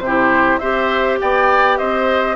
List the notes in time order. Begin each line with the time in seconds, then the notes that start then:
0.00 C3 G4 C5
0.07 E4
0.59 C4 G4 C5 E5
1.21 B3 D5 G5
1.78 C4 C5 D#5